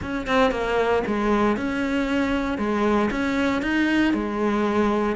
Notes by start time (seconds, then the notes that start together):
0.02 C#4
0.26 C4
0.51 A#3
1.07 G#3
1.56 C#4
2.58 G#3
3.10 C#4
3.61 D#4
4.13 G#3